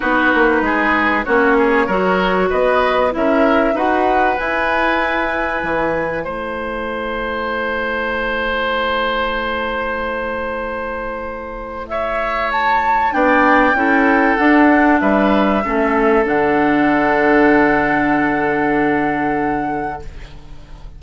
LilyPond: <<
  \new Staff \with { instrumentName = "flute" } { \time 4/4 \tempo 4 = 96 b'2 cis''2 | dis''4 e''4 fis''4 gis''4~ | gis''2 a''2~ | a''1~ |
a''2. e''4 | a''4 g''2 fis''4 | e''2 fis''2~ | fis''1 | }
  \new Staff \with { instrumentName = "oboe" } { \time 4/4 fis'4 gis'4 fis'8 gis'8 ais'4 | b'4 ais'4 b'2~ | b'2 c''2~ | c''1~ |
c''2. cis''4~ | cis''4 d''4 a'2 | b'4 a'2.~ | a'1 | }
  \new Staff \with { instrumentName = "clarinet" } { \time 4/4 dis'2 cis'4 fis'4~ | fis'4 e'4 fis'4 e'4~ | e'1~ | e'1~ |
e'1~ | e'4 d'4 e'4 d'4~ | d'4 cis'4 d'2~ | d'1 | }
  \new Staff \with { instrumentName = "bassoon" } { \time 4/4 b8 ais8 gis4 ais4 fis4 | b4 cis'4 dis'4 e'4~ | e'4 e4 a2~ | a1~ |
a1~ | a4 b4 cis'4 d'4 | g4 a4 d2~ | d1 | }
>>